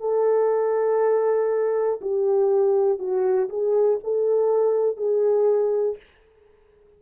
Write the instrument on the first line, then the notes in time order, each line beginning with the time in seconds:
horn
0.00 A4
2.00 G4
2.98 F#4
3.49 G#4
4.03 A4
4.96 G#4